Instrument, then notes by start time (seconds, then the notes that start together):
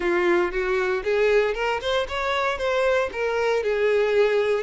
violin
0.00 F4
0.51 F#4
1.04 G#4
1.54 A#4
1.81 C5
2.08 C#5
2.58 C5
3.12 A#4
3.63 G#4